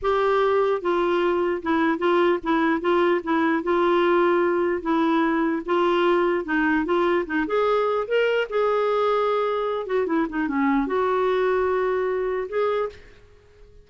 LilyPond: \new Staff \with { instrumentName = "clarinet" } { \time 4/4 \tempo 4 = 149 g'2 f'2 | e'4 f'4 e'4 f'4 | e'4 f'2. | e'2 f'2 |
dis'4 f'4 dis'8 gis'4. | ais'4 gis'2.~ | gis'8 fis'8 e'8 dis'8 cis'4 fis'4~ | fis'2. gis'4 | }